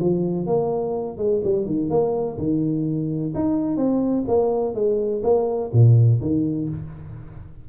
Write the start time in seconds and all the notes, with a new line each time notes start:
0.00 F3
0.47 A#3
1.18 G#3
1.44 G3
1.66 D#3
1.90 A#3
2.38 D#3
3.35 D#4
3.77 C4
4.27 A#3
4.74 G#3
5.23 A#3
5.73 A#2
6.21 D#3